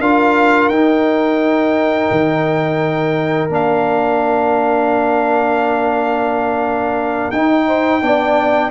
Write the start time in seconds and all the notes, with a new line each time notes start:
0.00 D4 F4 A#4 F5
0.68 D#4 G5
2.11 D#3
3.49 A#3 D4 F5
7.31 D#4 G5
7.67 C5
8.01 B3 D4 D5